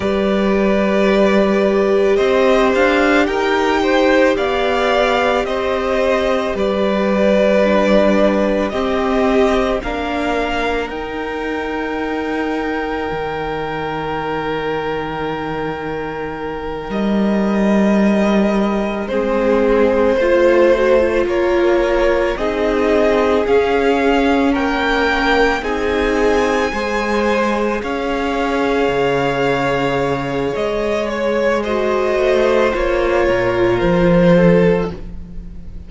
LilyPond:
<<
  \new Staff \with { instrumentName = "violin" } { \time 4/4 \tempo 4 = 55 d''2 dis''8 f''8 g''4 | f''4 dis''4 d''2 | dis''4 f''4 g''2~ | g''2.~ g''8 dis''8~ |
dis''4. c''2 cis''8~ | cis''8 dis''4 f''4 g''4 gis''8~ | gis''4. f''2~ f''8 | dis''8 cis''8 dis''4 cis''4 c''4 | }
  \new Staff \with { instrumentName = "violin" } { \time 4/4 b'2 c''4 ais'8 c''8 | d''4 c''4 b'2 | g'4 ais'2.~ | ais'1~ |
ais'4. gis'4 c''4 ais'8~ | ais'8 gis'2 ais'4 gis'8~ | gis'8 c''4 cis''2~ cis''8~ | cis''4 c''4. ais'4 a'8 | }
  \new Staff \with { instrumentName = "viola" } { \time 4/4 g'1~ | g'2. d'4 | c'4 d'4 dis'2~ | dis'1~ |
dis'4. c'4 f'8 fis'16 f'8.~ | f'8 dis'4 cis'2 dis'8~ | dis'8 gis'2.~ gis'8~ | gis'4 fis'4 f'2 | }
  \new Staff \with { instrumentName = "cello" } { \time 4/4 g2 c'8 d'8 dis'4 | b4 c'4 g2 | c'4 ais4 dis'2 | dis2.~ dis8 g8~ |
g4. gis4 a4 ais8~ | ais8 c'4 cis'4 ais4 c'8~ | c'8 gis4 cis'4 cis4. | gis4. a8 ais8 ais,8 f4 | }
>>